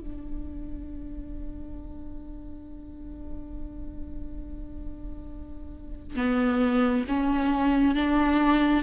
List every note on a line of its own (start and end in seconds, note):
0.00 6.16 D4
6.16 7.04 B3
7.08 7.95 C#4
7.95 8.83 D4